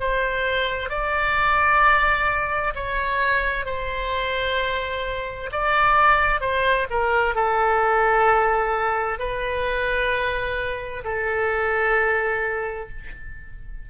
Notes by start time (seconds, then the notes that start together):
0.00 C5
0.89 D5
2.75 C#5
3.65 C5
5.52 D5
6.40 C5
6.90 A#4
7.35 A4
9.19 B4
11.04 A4